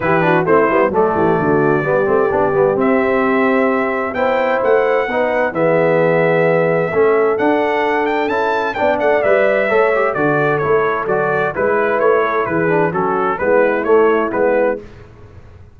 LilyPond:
<<
  \new Staff \with { instrumentName = "trumpet" } { \time 4/4 \tempo 4 = 130 b'4 c''4 d''2~ | d''2 e''2~ | e''4 g''4 fis''2 | e''1 |
fis''4. g''8 a''4 g''8 fis''8 | e''2 d''4 cis''4 | d''4 b'4 cis''4 b'4 | a'4 b'4 cis''4 b'4 | }
  \new Staff \with { instrumentName = "horn" } { \time 4/4 g'8 fis'8 e'4 a'8 g'8 fis'4 | g'1~ | g'4 c''2 b'4 | gis'2. a'4~ |
a'2. d''4~ | d''4 cis''4 a'2~ | a'4 b'4. a'8 gis'4 | fis'4 e'2. | }
  \new Staff \with { instrumentName = "trombone" } { \time 4/4 e'8 d'8 c'8 b8 a2 | b8 c'8 d'8 b8 c'2~ | c'4 e'2 dis'4 | b2. cis'4 |
d'2 e'4 d'4 | b'4 a'8 g'8 fis'4 e'4 | fis'4 e'2~ e'8 d'8 | cis'4 b4 a4 b4 | }
  \new Staff \with { instrumentName = "tuba" } { \time 4/4 e4 a8 g8 fis8 e8 d4 | g8 a8 b8 g8 c'2~ | c'4 b4 a4 b4 | e2. a4 |
d'2 cis'4 b8 a8 | g4 a4 d4 a4 | fis4 gis4 a4 e4 | fis4 gis4 a4 gis4 | }
>>